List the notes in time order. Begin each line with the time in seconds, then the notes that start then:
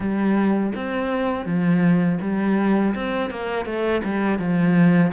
0.00 G3
0.75 C4
1.45 F3
2.21 G3
2.95 C4
3.30 A#3
3.65 A3
4.03 G3
4.38 F3